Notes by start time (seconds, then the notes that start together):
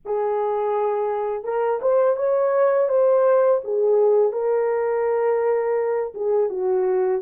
0.05 G#4
1.44 A#4
1.81 C5
2.16 C#5
2.88 C5
3.63 G#4
4.32 A#4
6.14 G#4
6.49 F#4